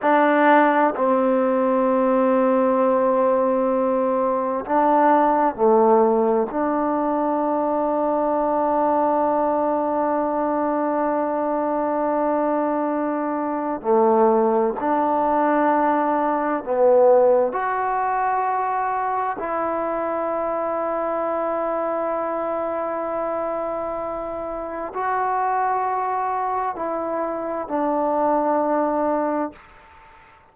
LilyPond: \new Staff \with { instrumentName = "trombone" } { \time 4/4 \tempo 4 = 65 d'4 c'2.~ | c'4 d'4 a4 d'4~ | d'1~ | d'2. a4 |
d'2 b4 fis'4~ | fis'4 e'2.~ | e'2. fis'4~ | fis'4 e'4 d'2 | }